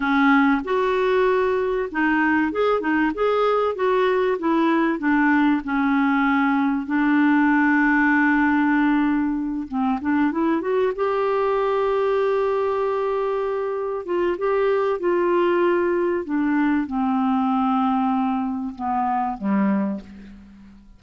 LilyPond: \new Staff \with { instrumentName = "clarinet" } { \time 4/4 \tempo 4 = 96 cis'4 fis'2 dis'4 | gis'8 dis'8 gis'4 fis'4 e'4 | d'4 cis'2 d'4~ | d'2.~ d'8 c'8 |
d'8 e'8 fis'8 g'2~ g'8~ | g'2~ g'8 f'8 g'4 | f'2 d'4 c'4~ | c'2 b4 g4 | }